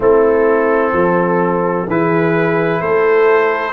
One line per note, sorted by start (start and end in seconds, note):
0.00 0.92 A3
0.00 1.86 C4
0.00 0.92 E4
0.00 1.89 A4
0.92 1.86 F3
0.92 1.86 A4
1.87 2.80 E3
1.87 3.72 E4
1.87 2.81 G#4
1.87 2.81 B4
2.81 3.72 A3
2.81 3.72 A4
2.81 3.72 C5